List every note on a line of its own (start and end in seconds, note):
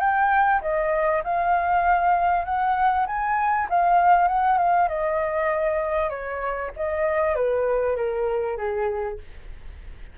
0.00 0.61 G5
0.62 1.23 D#5
1.24 2.45 F5
2.45 3.07 F#5
3.07 3.68 G#5
3.70 4.28 F5
4.28 4.58 F#5
4.58 4.89 F5
4.89 6.10 D#5
6.10 6.72 C#5
6.77 7.36 D#5
7.36 7.97 B4
7.97 8.57 A#4
8.57 9.18 G#4